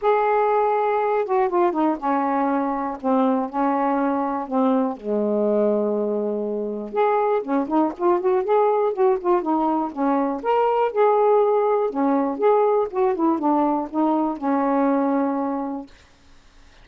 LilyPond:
\new Staff \with { instrumentName = "saxophone" } { \time 4/4 \tempo 4 = 121 gis'2~ gis'8 fis'8 f'8 dis'8 | cis'2 c'4 cis'4~ | cis'4 c'4 gis2~ | gis2 gis'4 cis'8 dis'8 |
f'8 fis'8 gis'4 fis'8 f'8 dis'4 | cis'4 ais'4 gis'2 | cis'4 gis'4 fis'8 e'8 d'4 | dis'4 cis'2. | }